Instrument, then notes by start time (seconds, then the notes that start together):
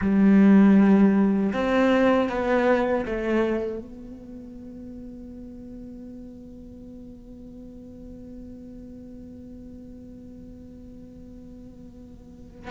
cello
0.01 G3
1.53 C4
2.29 B3
3.06 A3
3.79 B3